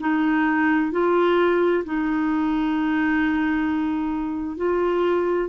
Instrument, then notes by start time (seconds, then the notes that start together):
clarinet
0.00 D#4
0.92 F4
1.85 D#4
4.57 F4